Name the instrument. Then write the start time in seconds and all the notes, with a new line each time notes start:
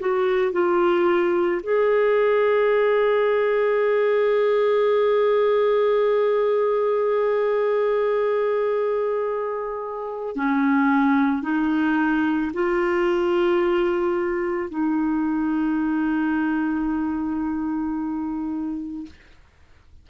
clarinet
0.00 F#4
0.53 F4
1.63 G#4
10.36 C#4
11.42 D#4
12.54 F4
14.70 D#4